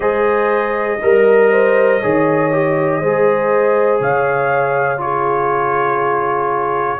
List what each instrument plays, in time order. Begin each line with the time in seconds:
0.00 tuba G#3, trombone G#4, horn C5, trumpet D#5
1.01 tuba G3, horn A#4, trombone A#4
1.51 horn C5
2.00 tuba D#3, trombone G#4, horn C#5
2.52 trombone G4
3.00 tuba G#3, trombone G#4, horn C5
4.00 tuba C#3, horn C#5, trumpet F5
4.97 trombone F4, horn G#4, trumpet C#5